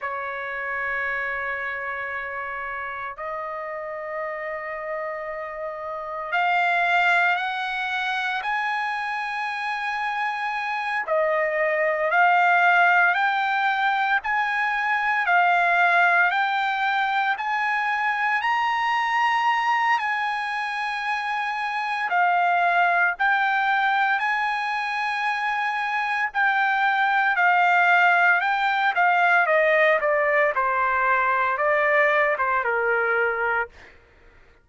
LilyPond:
\new Staff \with { instrumentName = "trumpet" } { \time 4/4 \tempo 4 = 57 cis''2. dis''4~ | dis''2 f''4 fis''4 | gis''2~ gis''8 dis''4 f''8~ | f''8 g''4 gis''4 f''4 g''8~ |
g''8 gis''4 ais''4. gis''4~ | gis''4 f''4 g''4 gis''4~ | gis''4 g''4 f''4 g''8 f''8 | dis''8 d''8 c''4 d''8. c''16 ais'4 | }